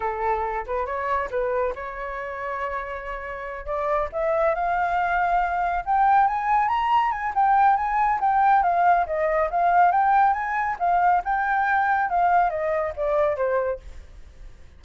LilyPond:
\new Staff \with { instrumentName = "flute" } { \time 4/4 \tempo 4 = 139 a'4. b'8 cis''4 b'4 | cis''1~ | cis''8 d''4 e''4 f''4.~ | f''4. g''4 gis''4 ais''8~ |
ais''8 gis''8 g''4 gis''4 g''4 | f''4 dis''4 f''4 g''4 | gis''4 f''4 g''2 | f''4 dis''4 d''4 c''4 | }